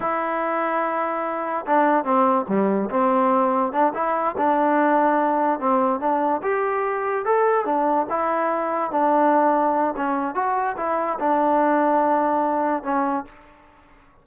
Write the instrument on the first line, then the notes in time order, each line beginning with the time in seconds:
trombone
0.00 E4
1.66 D4
2.04 C4
2.48 G3
2.90 C4
3.72 D4
3.94 E4
4.37 D4
5.59 C4
6.00 D4
6.42 G4
7.25 A4
7.65 D4
8.09 E4
8.91 D4
9.96 C#4
10.34 F#4
10.77 E4
11.19 D4
12.83 C#4